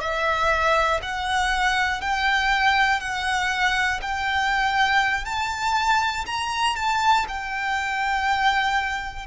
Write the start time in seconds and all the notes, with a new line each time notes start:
0.00 E5
1.02 F#5
2.01 G5
3.00 F#5
4.01 G5
5.25 A5
6.26 A#5
6.76 A5
7.28 G5